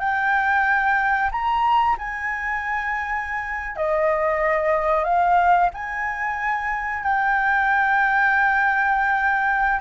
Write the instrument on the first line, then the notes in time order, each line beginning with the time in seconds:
flute
0.00 G5
1.31 A#5
1.98 G#5
3.76 D#5
5.05 F5
5.74 G#5
7.03 G5